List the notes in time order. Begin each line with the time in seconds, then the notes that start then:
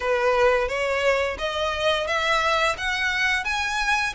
0.00 B4
0.68 C#5
1.38 D#5
2.07 E5
2.77 F#5
3.44 G#5